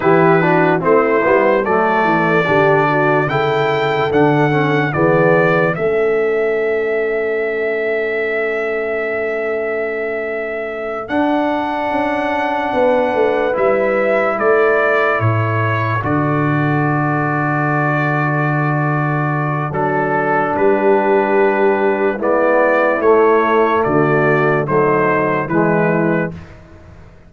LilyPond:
<<
  \new Staff \with { instrumentName = "trumpet" } { \time 4/4 \tempo 4 = 73 b'4 c''4 d''2 | g''4 fis''4 d''4 e''4~ | e''1~ | e''4. fis''2~ fis''8~ |
fis''8 e''4 d''4 cis''4 d''8~ | d''1 | a'4 b'2 d''4 | cis''4 d''4 c''4 b'4 | }
  \new Staff \with { instrumentName = "horn" } { \time 4/4 g'8 fis'8 e'4 a'4 g'8 fis'8 | a'2 gis'4 a'4~ | a'1~ | a'2.~ a'8 b'8~ |
b'4. a'2~ a'8~ | a'1~ | a'4 g'2 e'4~ | e'4 fis'4 dis'4 e'4 | }
  \new Staff \with { instrumentName = "trombone" } { \time 4/4 e'8 d'8 c'8 b8 a4 d'4 | e'4 d'8 cis'8 b4 cis'4~ | cis'1~ | cis'4. d'2~ d'8~ |
d'8 e'2. fis'8~ | fis'1 | d'2. b4 | a2 fis4 gis4 | }
  \new Staff \with { instrumentName = "tuba" } { \time 4/4 e4 a8 g8 fis8 e8 d4 | cis4 d4 e4 a4~ | a1~ | a4. d'4 cis'4 b8 |
a8 g4 a4 a,4 d8~ | d1 | fis4 g2 gis4 | a4 d4 a4 e4 | }
>>